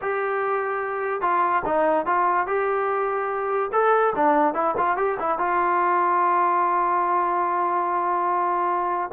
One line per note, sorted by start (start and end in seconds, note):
0.01 1.21 G4
1.21 1.62 F4
1.65 2.06 D#4
2.06 2.46 F4
2.46 3.71 G4
3.72 4.13 A4
4.15 4.54 D4
4.54 4.74 E4
4.77 4.97 F4
4.97 5.17 G4
5.19 5.38 E4
5.38 9.10 F4